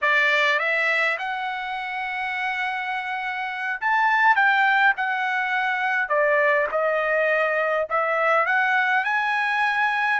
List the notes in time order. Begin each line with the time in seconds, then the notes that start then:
0.01 D5
0.59 E5
1.18 F#5
3.80 A5
4.35 G5
4.96 F#5
6.08 D5
6.71 D#5
7.89 E5
8.46 F#5
9.04 G#5